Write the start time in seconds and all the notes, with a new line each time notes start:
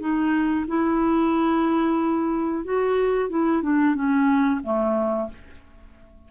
0.00 D#4
0.68 E4
2.64 F#4
3.30 E4
3.62 D4
3.95 C#4
4.63 A3